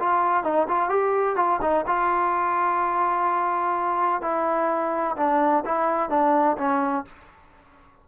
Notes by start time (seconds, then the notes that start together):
0.00 F4
0.44 D#4
0.68 F4
0.90 G4
1.36 F4
1.62 D#4
1.87 F4
4.22 E4
5.17 D4
5.65 E4
6.10 D4
6.58 C#4